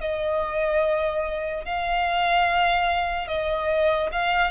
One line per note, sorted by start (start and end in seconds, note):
0.00 1.64 D#5
1.64 3.27 F5
3.27 4.09 D#5
4.12 4.51 F5